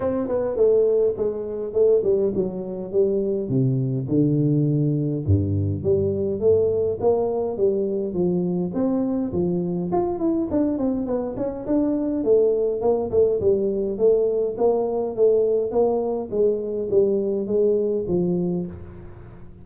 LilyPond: \new Staff \with { instrumentName = "tuba" } { \time 4/4 \tempo 4 = 103 c'8 b8 a4 gis4 a8 g8 | fis4 g4 c4 d4~ | d4 g,4 g4 a4 | ais4 g4 f4 c'4 |
f4 f'8 e'8 d'8 c'8 b8 cis'8 | d'4 a4 ais8 a8 g4 | a4 ais4 a4 ais4 | gis4 g4 gis4 f4 | }